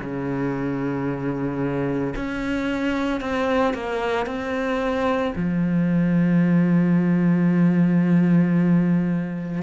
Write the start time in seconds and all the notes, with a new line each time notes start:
0.00 C#3
2.16 C#4
3.20 C4
3.74 A#3
4.26 C4
5.35 F3